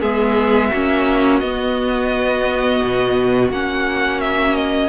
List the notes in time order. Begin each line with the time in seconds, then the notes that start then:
0.00 G#3 B3 G#4 E5
0.70 A#3 C#4 F#4
1.40 B3 D#5
2.83 B2
3.51 A#3 C#4 F#5
4.21 E5
4.56 D#5